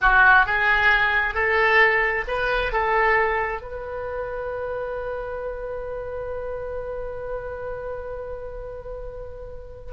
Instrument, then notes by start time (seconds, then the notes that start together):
oboe
0.01 F#4
0.46 G#4
1.34 A4
2.27 B4
2.72 A4
3.61 B4